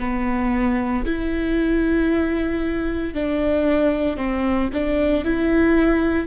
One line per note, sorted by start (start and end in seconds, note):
0.00 1.05 B3
1.06 3.15 E4
3.15 4.17 D4
4.17 4.70 C4
4.74 5.25 D4
5.25 6.28 E4